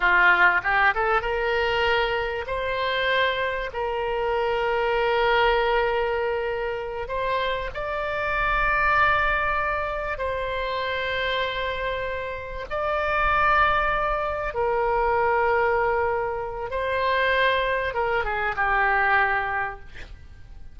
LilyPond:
\new Staff \with { instrumentName = "oboe" } { \time 4/4 \tempo 4 = 97 f'4 g'8 a'8 ais'2 | c''2 ais'2~ | ais'2.~ ais'8 c''8~ | c''8 d''2.~ d''8~ |
d''8 c''2.~ c''8~ | c''8 d''2. ais'8~ | ais'2. c''4~ | c''4 ais'8 gis'8 g'2 | }